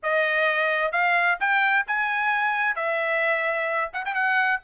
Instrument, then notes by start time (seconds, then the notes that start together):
trumpet
0.02 D#5
0.91 F5
1.40 G5
1.87 G#5
2.75 E5
3.93 F#5
4.05 G5
4.14 F#5